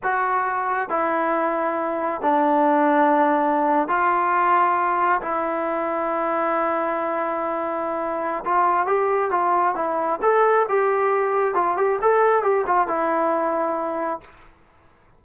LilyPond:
\new Staff \with { instrumentName = "trombone" } { \time 4/4 \tempo 4 = 135 fis'2 e'2~ | e'4 d'2.~ | d'8. f'2. e'16~ | e'1~ |
e'2. f'4 | g'4 f'4 e'4 a'4 | g'2 f'8 g'8 a'4 | g'8 f'8 e'2. | }